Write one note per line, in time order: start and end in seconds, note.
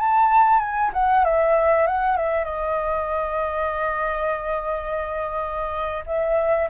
0.00 0.60 A5
0.60 0.91 G#5
0.93 1.25 F#5
1.25 1.87 E5
1.87 2.17 F#5
2.17 2.45 E5
2.45 6.04 D#5
6.07 6.69 E5